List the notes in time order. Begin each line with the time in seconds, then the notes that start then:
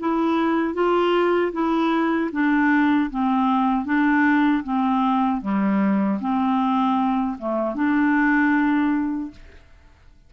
0.00 E4
0.74 F4
1.53 E4
2.32 D4
3.11 C4
3.85 D4
4.64 C4
5.42 G3
6.21 C4
7.39 A3
7.75 D4